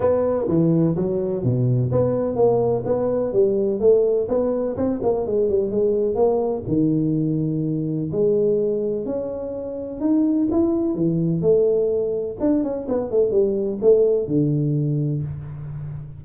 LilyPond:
\new Staff \with { instrumentName = "tuba" } { \time 4/4 \tempo 4 = 126 b4 e4 fis4 b,4 | b4 ais4 b4 g4 | a4 b4 c'8 ais8 gis8 g8 | gis4 ais4 dis2~ |
dis4 gis2 cis'4~ | cis'4 dis'4 e'4 e4 | a2 d'8 cis'8 b8 a8 | g4 a4 d2 | }